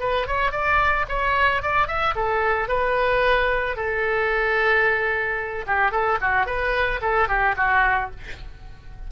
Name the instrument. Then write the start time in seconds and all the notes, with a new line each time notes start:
oboe
0.00 B4
0.27 C#5
0.52 D5
1.09 C#5
1.62 D5
1.87 E5
2.16 A4
2.69 B4
3.76 A4
5.67 G4
5.92 A4
6.21 F#4
6.46 B4
7.01 A4
7.28 G4
7.57 F#4